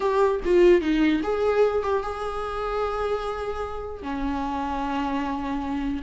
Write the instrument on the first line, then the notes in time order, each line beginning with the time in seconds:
viola
0.00 G4
0.44 F4
0.81 D#4
1.23 G#4
1.83 G4
2.02 G#4
4.02 C#4